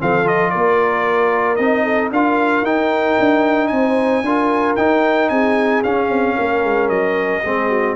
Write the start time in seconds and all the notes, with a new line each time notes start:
0.00 F3 C4 A4 F5
0.25 F4 D#5
0.51 A#3 A#4 D5
1.56 C4 D#4 D#5
1.85 A4
2.12 D4 F4 A#4 F5
2.63 D#4 G5
3.20 D4
3.68 C4 C5 G#5
4.23 D4 F4 A#4
4.76 D#4 G5
5.30 C4 G#4 G#5
5.84 C#4 F5
6.10 C4
6.36 A#3 A#4
6.64 G#3
6.89 F#3 D#5
7.45 G#3 C4 G#4
7.70 F#4